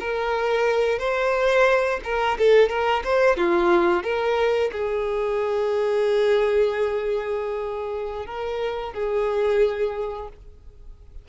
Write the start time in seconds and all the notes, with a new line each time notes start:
0.00 A#4
0.99 C5
2.04 A#4
2.38 A4
2.69 A#4
3.04 C5
3.37 F4
4.03 A#4
4.72 G#4
8.26 A#4
8.94 G#4